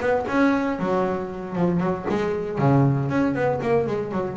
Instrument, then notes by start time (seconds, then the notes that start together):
double bass
0.00 B3
0.28 C#4
0.79 F#3
1.55 F3
1.80 F#3
2.09 G#3
2.59 C#3
3.09 C#4
3.35 B3
3.62 A#3
3.87 G#3
4.12 F#3